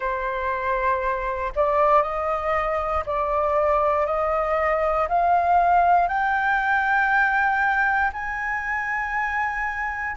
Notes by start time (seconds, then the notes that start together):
0.00 C5
1.55 D5
2.02 D#5
3.06 D5
4.06 D#5
5.08 F5
6.07 G5
8.13 G#5